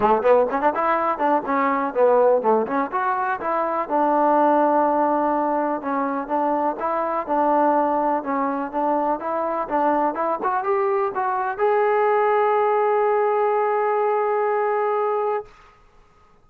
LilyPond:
\new Staff \with { instrumentName = "trombone" } { \time 4/4 \tempo 4 = 124 a8 b8 cis'16 d'16 e'4 d'8 cis'4 | b4 a8 cis'8 fis'4 e'4 | d'1 | cis'4 d'4 e'4 d'4~ |
d'4 cis'4 d'4 e'4 | d'4 e'8 fis'8 g'4 fis'4 | gis'1~ | gis'1 | }